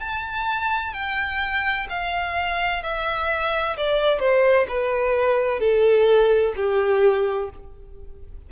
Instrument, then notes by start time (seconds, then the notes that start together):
violin
0.00 A5
0.93 G5
1.90 F5
2.83 E5
3.77 D5
4.20 C5
4.68 B4
5.60 A4
6.56 G4